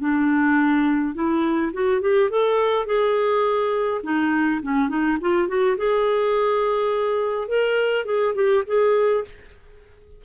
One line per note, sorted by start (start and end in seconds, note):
0.00 1.15 D4
1.15 1.73 E4
1.74 2.02 F#4
2.02 2.31 G4
2.31 2.86 A4
2.86 4.02 G#4
4.04 4.61 D#4
4.63 4.89 C#4
4.89 5.18 D#4
5.21 5.48 F4
5.48 5.77 F#4
5.77 7.49 G#4
7.49 8.06 A#4
8.06 8.35 G#4
8.35 8.64 G4
8.67 9.25 G#4